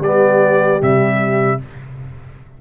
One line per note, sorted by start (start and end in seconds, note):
0.00 0.79 G3
0.00 0.80 B3
0.00 1.58 G4
0.00 0.82 D5
0.80 1.61 C3
0.80 1.59 G3
0.80 1.62 E5